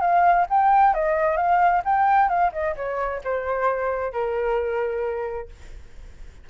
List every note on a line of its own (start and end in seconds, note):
0.00 0.45 F5
0.49 0.94 G5
0.94 1.36 D#5
1.36 1.82 F5
1.85 2.28 G5
2.28 2.51 F5
2.52 2.75 D#5
2.76 3.21 C#5
3.24 4.12 C5
4.12 5.48 A#4